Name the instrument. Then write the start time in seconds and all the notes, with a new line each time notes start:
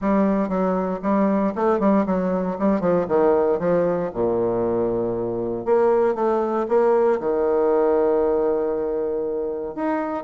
bassoon
0.01 G3
0.48 F#3
1.02 G3
1.55 A3
1.79 G3
2.05 F#3
2.59 G3
2.80 F3
3.08 D#3
3.59 F3
4.13 A#2
5.65 A#3
6.14 A3
6.68 A#3
7.19 D#3
9.75 D#4